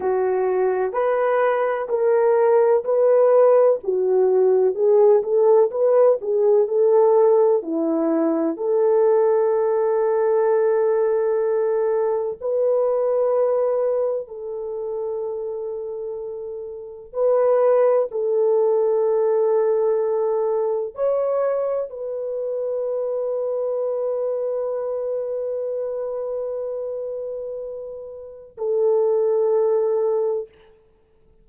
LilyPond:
\new Staff \with { instrumentName = "horn" } { \time 4/4 \tempo 4 = 63 fis'4 b'4 ais'4 b'4 | fis'4 gis'8 a'8 b'8 gis'8 a'4 | e'4 a'2.~ | a'4 b'2 a'4~ |
a'2 b'4 a'4~ | a'2 cis''4 b'4~ | b'1~ | b'2 a'2 | }